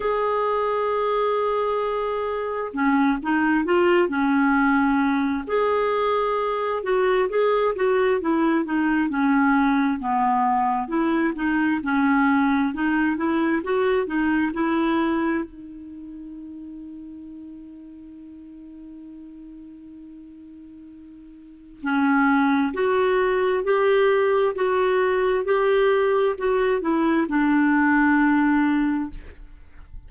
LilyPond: \new Staff \with { instrumentName = "clarinet" } { \time 4/4 \tempo 4 = 66 gis'2. cis'8 dis'8 | f'8 cis'4. gis'4. fis'8 | gis'8 fis'8 e'8 dis'8 cis'4 b4 | e'8 dis'8 cis'4 dis'8 e'8 fis'8 dis'8 |
e'4 dis'2.~ | dis'1 | cis'4 fis'4 g'4 fis'4 | g'4 fis'8 e'8 d'2 | }